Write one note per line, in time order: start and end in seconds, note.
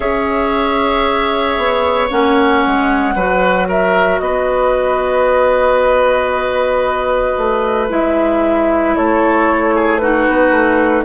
0.00 1.57 C#4
0.00 2.08 G#4
0.00 3.14 C#5
0.00 2.09 E5
1.57 2.10 B3
2.09 2.64 A#3
2.09 3.14 C#4
2.09 3.68 F#5
2.66 3.15 G#3
3.14 4.20 F#3
3.14 7.88 F#4
3.14 3.67 B4
3.68 4.20 A#4
3.68 4.19 E5
4.19 7.35 B3
4.19 8.96 B4
4.19 7.87 D#5
7.37 7.89 A3
7.89 8.95 G#3
7.89 10.00 E4
7.89 8.96 E5
8.96 10.28 A3
8.96 9.74 A4
8.96 9.98 C#5
9.74 10.01 G#4
9.98 11.04 D#4
9.98 11.04 F#4
9.98 11.03 B4
10.28 10.51 B3
10.51 11.03 A3